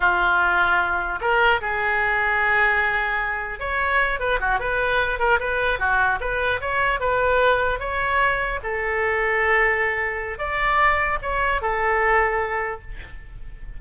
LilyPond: \new Staff \with { instrumentName = "oboe" } { \time 4/4 \tempo 4 = 150 f'2. ais'4 | gis'1~ | gis'4 cis''4. b'8 fis'8 b'8~ | b'4 ais'8 b'4 fis'4 b'8~ |
b'8 cis''4 b'2 cis''8~ | cis''4. a'2~ a'8~ | a'2 d''2 | cis''4 a'2. | }